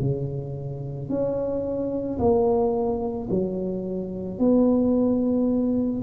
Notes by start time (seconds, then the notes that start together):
0.00 C#3
1.09 C#4
2.19 A#3
3.30 F#3
4.39 B3